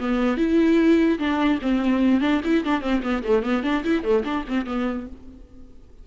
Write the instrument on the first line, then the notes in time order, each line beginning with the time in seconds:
viola
0.00 B3
0.38 E4
1.19 D4
1.62 C4
2.21 D4
2.44 E4
2.65 D4
2.81 C4
3.03 B3
3.24 A3
3.43 B3
3.64 D4
3.84 E4
4.04 A3
4.25 D4
4.48 C4
4.66 B3